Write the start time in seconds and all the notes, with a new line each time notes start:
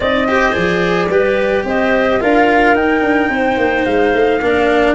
0.00 C4 D#4 D5 D#5
0.26 G4 C5
0.52 F3 G#4 D5
1.08 G3 G4 B4
1.64 C4 C5 D#5
2.20 D4 F4 A#4 F5
2.75 D#4 G5
3.01 D4
3.29 C4 C5
3.57 A#3
3.85 G#3 F5
4.13 A3
4.40 A#3 D4 A#4